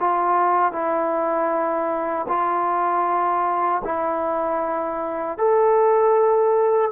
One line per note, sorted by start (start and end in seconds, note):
0.00 0.72 F4
0.72 2.26 E4
2.28 3.82 F4
3.85 5.38 E4
5.38 6.92 A4